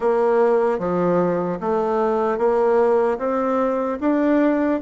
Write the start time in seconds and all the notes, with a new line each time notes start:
0.00 A#3
0.78 F3
1.60 A3
2.37 A#3
3.18 C4
4.00 D4